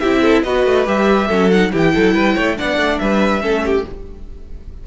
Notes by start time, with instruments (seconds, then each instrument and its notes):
0.00 cello C4, viola E4, violin G4 E5
0.22 violin A4
0.43 cello B3, viola F#4, violin B4 D#5
0.66 cello A3
0.87 cello G3, viola G4, violin E5
1.27 cello F#3, viola C#4, violin A4
1.50 viola D#4, violin F#5
1.72 cello E3, viola E4, violin G4 G5
1.95 cello F#3, violin A4
2.15 cello G3, violin B4
2.35 cello A3, violin C#5
2.57 cello B3, viola D4, violin D5 F#5
2.77 cello A3
2.99 cello G3, violin B4 E5
3.41 cello A3, viola C#4, violin A4
3.66 violin G4